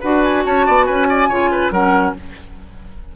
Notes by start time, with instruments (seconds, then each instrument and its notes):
0.00 bassoon D4, clarinet F#4, oboe B4, flute F#5
0.23 flute G#5
0.45 bassoon C#4, oboe C#5, flute A5
0.66 bassoon B3, oboe D5
0.85 bassoon C#4, oboe B4, flute G#5
1.09 oboe D5
1.28 bassoon C#3, clarinet F4, oboe C#5
1.51 oboe B4
1.70 bassoon F#3, clarinet C#4, oboe A#4, flute F#5